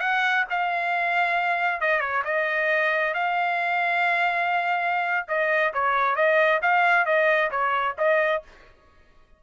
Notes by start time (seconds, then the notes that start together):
0.00 F#5
0.50 F5
1.81 D#5
2.00 C#5
2.25 D#5
3.14 F5
5.28 D#5
5.74 C#5
6.16 D#5
6.62 F5
7.06 D#5
7.51 C#5
7.98 D#5